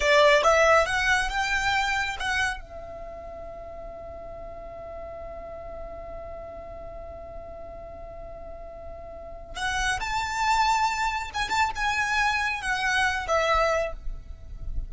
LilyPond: \new Staff \with { instrumentName = "violin" } { \time 4/4 \tempo 4 = 138 d''4 e''4 fis''4 g''4~ | g''4 fis''4 e''2~ | e''1~ | e''1~ |
e''1~ | e''2 fis''4 a''4~ | a''2 gis''8 a''8 gis''4~ | gis''4 fis''4. e''4. | }